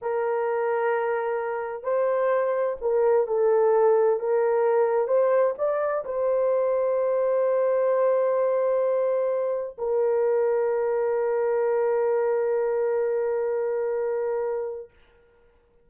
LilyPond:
\new Staff \with { instrumentName = "horn" } { \time 4/4 \tempo 4 = 129 ais'1 | c''2 ais'4 a'4~ | a'4 ais'2 c''4 | d''4 c''2.~ |
c''1~ | c''4 ais'2.~ | ais'1~ | ais'1 | }